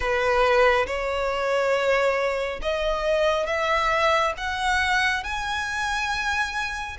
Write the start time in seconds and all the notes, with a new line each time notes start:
0.00 B4
0.86 C#5
2.61 D#5
3.46 E5
4.37 F#5
5.23 G#5